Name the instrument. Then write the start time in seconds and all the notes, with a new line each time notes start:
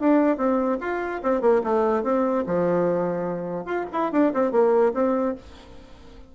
bassoon
0.00 D4
0.37 C4
0.81 F4
1.23 C4
1.41 A#3
1.64 A3
2.04 C4
2.47 F3
3.65 F4
3.93 E4
4.12 D4
4.34 C4
4.52 A#3
4.94 C4